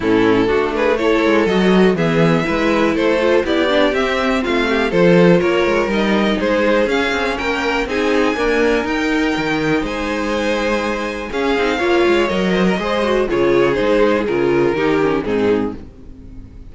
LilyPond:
<<
  \new Staff \with { instrumentName = "violin" } { \time 4/4 \tempo 4 = 122 a'4. b'8 cis''4 dis''4 | e''2 c''4 d''4 | e''4 f''4 c''4 cis''4 | dis''4 c''4 f''4 g''4 |
gis''2 g''2 | gis''2. f''4~ | f''4 dis''2 cis''4 | c''4 ais'2 gis'4 | }
  \new Staff \with { instrumentName = "violin" } { \time 4/4 e'4 fis'8 gis'8 a'2 | gis'4 b'4 a'4 g'4~ | g'4 f'8 g'8 a'4 ais'4~ | ais'4 gis'2 ais'4 |
gis'4 ais'2. | c''2. gis'4 | cis''4. c''16 ais'16 c''4 gis'4~ | gis'2 g'4 dis'4 | }
  \new Staff \with { instrumentName = "viola" } { \time 4/4 cis'4 d'4 e'4 fis'4 | b4 e'4. f'8 e'8 d'8 | c'2 f'2 | dis'2 cis'2 |
dis'4 ais4 dis'2~ | dis'2. cis'8 dis'8 | f'4 ais'4 gis'8 fis'8 f'4 | dis'4 f'4 dis'8 cis'8 c'4 | }
  \new Staff \with { instrumentName = "cello" } { \time 4/4 a,4 a4. gis8 fis4 | e4 gis4 a4 b4 | c'4 a4 f4 ais8 gis8 | g4 gis4 cis'8 c'8 ais4 |
c'4 d'4 dis'4 dis4 | gis2. cis'8 c'8 | ais8 gis8 fis4 gis4 cis4 | gis4 cis4 dis4 gis,4 | }
>>